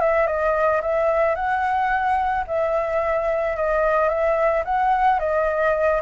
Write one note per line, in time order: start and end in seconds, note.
0.00 0.27 E5
0.27 0.81 D#5
0.81 1.35 E5
1.35 2.44 F#5
2.47 3.56 E5
3.56 4.08 D#5
4.08 4.63 E5
4.65 5.19 F#5
5.19 6.01 D#5